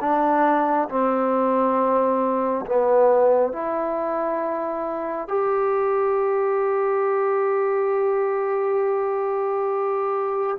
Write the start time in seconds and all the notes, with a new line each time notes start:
0.00 D4
0.89 C4
2.66 B3
3.52 E4
5.28 G4